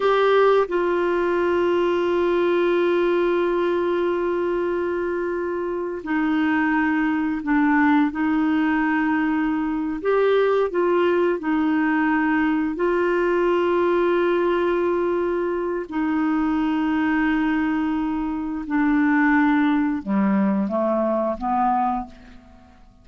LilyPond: \new Staff \with { instrumentName = "clarinet" } { \time 4/4 \tempo 4 = 87 g'4 f'2.~ | f'1~ | f'8. dis'2 d'4 dis'16~ | dis'2~ dis'8 g'4 f'8~ |
f'8 dis'2 f'4.~ | f'2. dis'4~ | dis'2. d'4~ | d'4 g4 a4 b4 | }